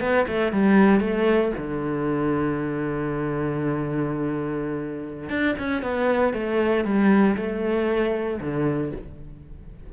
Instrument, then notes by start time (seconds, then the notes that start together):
cello
0.00 B3
0.28 A3
0.52 G3
1.00 A3
1.57 D3
5.29 D4
5.59 C#4
5.82 B3
6.33 A3
6.84 G3
7.36 A3
8.41 D3